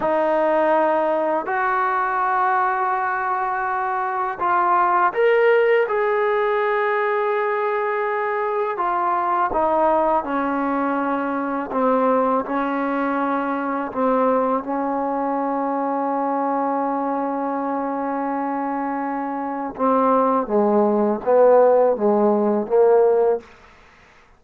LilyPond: \new Staff \with { instrumentName = "trombone" } { \time 4/4 \tempo 4 = 82 dis'2 fis'2~ | fis'2 f'4 ais'4 | gis'1 | f'4 dis'4 cis'2 |
c'4 cis'2 c'4 | cis'1~ | cis'2. c'4 | gis4 b4 gis4 ais4 | }